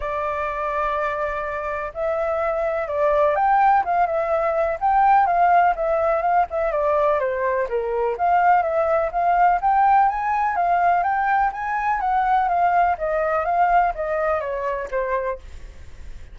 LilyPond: \new Staff \with { instrumentName = "flute" } { \time 4/4 \tempo 4 = 125 d''1 | e''2 d''4 g''4 | f''8 e''4. g''4 f''4 | e''4 f''8 e''8 d''4 c''4 |
ais'4 f''4 e''4 f''4 | g''4 gis''4 f''4 g''4 | gis''4 fis''4 f''4 dis''4 | f''4 dis''4 cis''4 c''4 | }